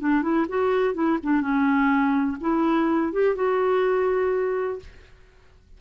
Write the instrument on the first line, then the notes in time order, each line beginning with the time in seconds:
clarinet
0.00 D4
0.22 E4
0.49 F#4
0.94 E4
1.23 D4
1.41 C#4
2.41 E4
3.13 G4
3.36 F#4